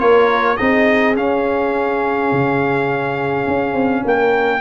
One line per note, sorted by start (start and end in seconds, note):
0.00 0.59 A#3
0.00 0.58 F4
0.00 0.57 A#4
0.00 0.57 C#5
0.57 1.17 C4
0.57 1.16 D#4
0.57 4.03 G#4
0.57 1.15 D#5
1.16 4.61 C#4
1.16 2.32 C#4
1.16 4.06 F5
2.32 3.47 C#3
3.47 3.74 C#4
3.74 4.03 C4
4.04 4.61 A#3
4.04 4.61 A#4
4.04 4.61 G5